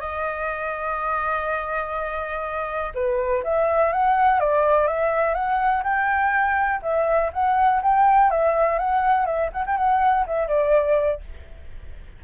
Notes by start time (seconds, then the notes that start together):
0.00 D#5
2.94 B4
3.44 E5
3.93 F#5
4.40 D5
4.88 E5
5.34 F#5
5.84 G5
6.82 E5
7.33 F#5
7.82 G5
8.31 E5
8.79 F#5
9.26 E5
9.53 F#5
9.66 G5
9.77 F#5
10.26 E5
10.48 D5